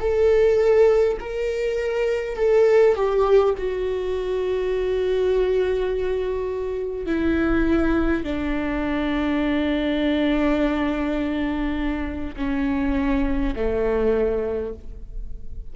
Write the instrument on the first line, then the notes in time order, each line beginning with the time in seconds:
viola
0.00 A4
1.20 A#4
2.37 A4
2.96 G4
3.58 F#4
7.06 E4
8.24 D4
12.37 C#4
13.56 A3